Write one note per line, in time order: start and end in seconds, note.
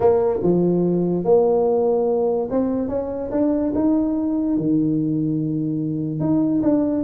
0.00 0.40 A#3
0.42 1.24 F3
1.24 2.48 A#3
2.50 2.88 C4
2.88 3.30 C#4
3.31 3.72 D4
3.74 4.57 D#4
4.57 6.20 D#3
6.20 6.61 D#4
6.62 7.03 D4